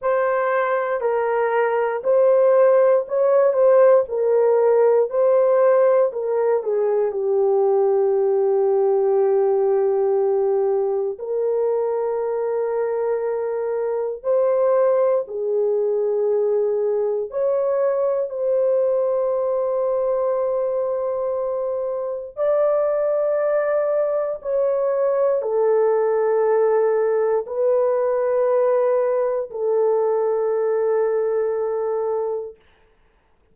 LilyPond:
\new Staff \with { instrumentName = "horn" } { \time 4/4 \tempo 4 = 59 c''4 ais'4 c''4 cis''8 c''8 | ais'4 c''4 ais'8 gis'8 g'4~ | g'2. ais'4~ | ais'2 c''4 gis'4~ |
gis'4 cis''4 c''2~ | c''2 d''2 | cis''4 a'2 b'4~ | b'4 a'2. | }